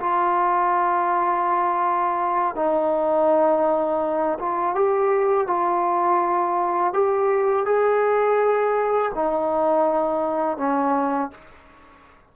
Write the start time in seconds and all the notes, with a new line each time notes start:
0.00 F4
2.55 D#4
4.39 F4
4.75 G4
5.47 F4
6.94 G4
7.66 G#4
9.15 D#4
10.58 C#4